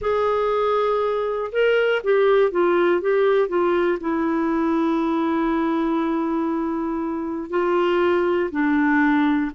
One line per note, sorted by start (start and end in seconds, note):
0.01 1.51 G#4
1.52 2.02 A#4
2.03 2.51 G4
2.51 3.01 F4
3.01 3.48 G4
3.48 3.98 F4
4.00 7.50 E4
7.50 8.50 F4
8.51 9.51 D4